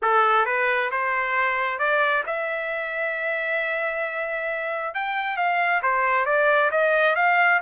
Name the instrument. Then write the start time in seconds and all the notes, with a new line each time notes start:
trumpet
0.02 A4
0.45 B4
0.91 C5
1.78 D5
2.26 E5
4.94 G5
5.36 F5
5.82 C5
6.25 D5
6.71 D#5
7.15 F5